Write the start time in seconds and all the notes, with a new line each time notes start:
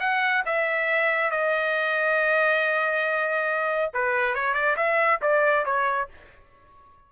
0.00 F#5
0.46 E5
1.31 D#5
3.94 B4
4.35 C#5
4.54 D5
4.76 E5
5.22 D5
5.65 C#5